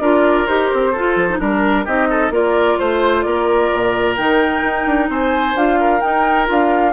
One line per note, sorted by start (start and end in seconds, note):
0.00 0.46 D4
0.00 0.47 F4
0.00 0.92 A#4
0.00 0.46 D5
0.46 0.71 D#4
0.46 0.93 G4
0.46 1.38 C5
0.73 0.95 C4
0.92 1.16 F4
0.92 1.38 A4
0.98 1.29 F4
1.16 1.39 F3
1.29 1.39 D#4
1.39 1.86 G3
1.39 1.85 D4
1.39 1.85 A#4
1.39 1.86 A#4
1.85 2.30 C4
1.85 2.32 D#4
1.85 2.08 G4
1.85 2.32 D#5
2.10 2.33 A4
2.30 2.76 A#3
2.30 4.16 F4
2.30 2.79 A#4
2.30 2.79 D5
2.79 3.25 A3
2.79 3.22 C5
2.79 3.25 C5
3.22 3.71 A#3
3.22 5.10 A#4
3.22 4.14 D5
3.73 4.19 A#2
4.16 4.63 D#3
4.16 5.56 D#4
4.16 5.09 G5
4.63 4.86 D#4
4.86 5.09 D4
5.09 5.55 C4
5.09 5.79 C5
5.09 5.57 G#5
5.55 6.01 D4
5.55 6.00 F4
5.55 6.01 F5
5.80 6.92 A#4
6.00 6.45 D#4
6.00 6.49 D#4
6.00 6.47 G5
6.45 6.92 D4
6.45 6.91 F4
6.45 6.92 F5